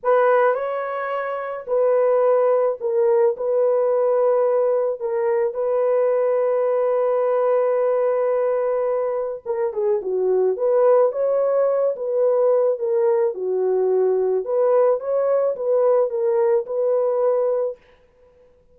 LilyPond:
\new Staff \with { instrumentName = "horn" } { \time 4/4 \tempo 4 = 108 b'4 cis''2 b'4~ | b'4 ais'4 b'2~ | b'4 ais'4 b'2~ | b'1~ |
b'4 ais'8 gis'8 fis'4 b'4 | cis''4. b'4. ais'4 | fis'2 b'4 cis''4 | b'4 ais'4 b'2 | }